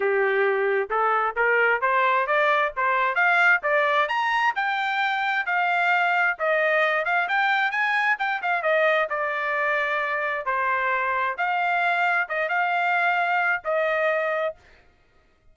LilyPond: \new Staff \with { instrumentName = "trumpet" } { \time 4/4 \tempo 4 = 132 g'2 a'4 ais'4 | c''4 d''4 c''4 f''4 | d''4 ais''4 g''2 | f''2 dis''4. f''8 |
g''4 gis''4 g''8 f''8 dis''4 | d''2. c''4~ | c''4 f''2 dis''8 f''8~ | f''2 dis''2 | }